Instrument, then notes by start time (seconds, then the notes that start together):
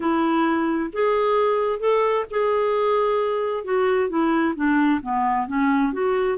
clarinet
0.00 E4
0.93 G#4
1.79 A4
2.30 G#4
3.64 F#4
4.09 E4
4.55 D4
5.02 B3
5.47 C#4
5.92 F#4